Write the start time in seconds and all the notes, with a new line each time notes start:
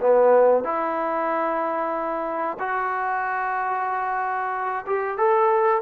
0.00 B3
0.64 E4
2.59 F#4
4.86 G4
5.17 A4